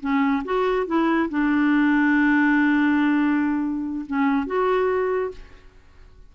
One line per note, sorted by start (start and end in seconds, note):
0.00 0.43 C#4
0.44 0.86 F#4
0.86 1.29 E4
1.29 4.05 D4
4.06 4.46 C#4
4.46 5.31 F#4